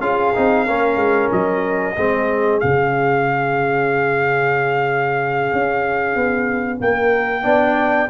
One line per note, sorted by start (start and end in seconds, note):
0.00 0.32 C#4
0.00 0.34 F4
0.00 0.65 G#4
0.00 1.30 F5
0.35 0.68 C4
0.35 0.67 D#4
0.65 0.96 A#3
0.65 1.96 C#4
0.65 1.94 A#4
0.96 1.28 G#3
1.32 1.96 F#3
1.32 2.60 D#5
1.95 2.61 G#3
1.95 2.61 C4
1.95 6.79 G#4
2.60 5.53 C#3
2.60 7.43 C#4
2.60 6.79 F5
5.53 6.15 C#4
6.15 6.80 B3
6.81 7.44 A#3
6.81 7.44 A#4
6.81 8.10 G5
7.43 8.09 B3
7.43 8.07 D4
7.43 8.08 D5